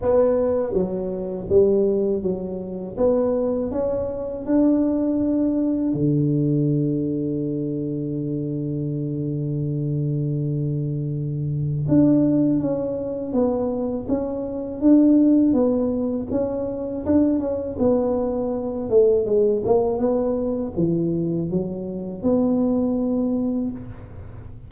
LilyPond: \new Staff \with { instrumentName = "tuba" } { \time 4/4 \tempo 4 = 81 b4 fis4 g4 fis4 | b4 cis'4 d'2 | d1~ | d1 |
d'4 cis'4 b4 cis'4 | d'4 b4 cis'4 d'8 cis'8 | b4. a8 gis8 ais8 b4 | e4 fis4 b2 | }